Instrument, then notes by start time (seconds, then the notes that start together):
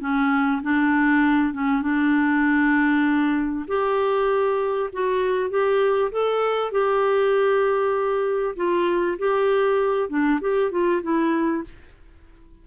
clarinet
0.00 C#4
0.62 D4
1.53 C#4
1.82 D4
3.67 G4
4.92 F#4
5.50 G4
6.11 A4
6.71 G4
8.56 F4
9.18 G4
10.09 D4
10.40 G4
10.71 F4
11.02 E4